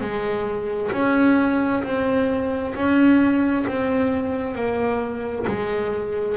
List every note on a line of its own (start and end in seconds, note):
0.00 0.91 G#3
0.92 1.83 C#4
1.83 2.74 C4
2.75 3.66 C#4
3.67 4.55 C4
4.55 5.45 A#3
5.46 6.37 G#3